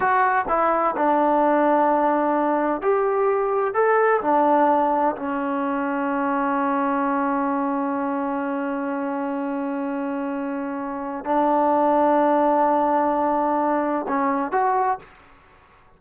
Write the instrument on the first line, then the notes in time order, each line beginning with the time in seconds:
trombone
0.00 F#4
0.48 E4
0.96 D4
2.81 G4
3.74 A4
4.21 D4
5.16 C#4
11.24 D4
14.08 C#4
14.51 F#4